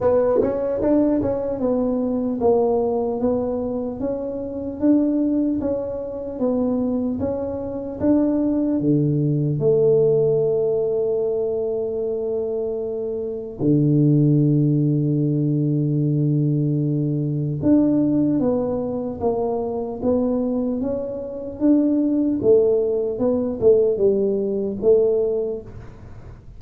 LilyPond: \new Staff \with { instrumentName = "tuba" } { \time 4/4 \tempo 4 = 75 b8 cis'8 d'8 cis'8 b4 ais4 | b4 cis'4 d'4 cis'4 | b4 cis'4 d'4 d4 | a1~ |
a4 d2.~ | d2 d'4 b4 | ais4 b4 cis'4 d'4 | a4 b8 a8 g4 a4 | }